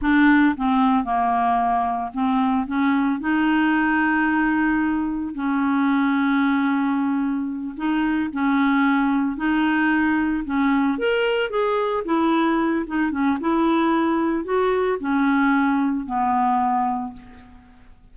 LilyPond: \new Staff \with { instrumentName = "clarinet" } { \time 4/4 \tempo 4 = 112 d'4 c'4 ais2 | c'4 cis'4 dis'2~ | dis'2 cis'2~ | cis'2~ cis'8 dis'4 cis'8~ |
cis'4. dis'2 cis'8~ | cis'8 ais'4 gis'4 e'4. | dis'8 cis'8 e'2 fis'4 | cis'2 b2 | }